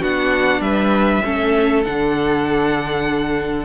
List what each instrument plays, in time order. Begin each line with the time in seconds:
0.00 cello B3, viola D4, violin F#4 F#5
0.60 cello G3, violin B4 E5
1.24 cello A3, viola C#4, violin A4
1.84 cello D3, viola D4, violin F#5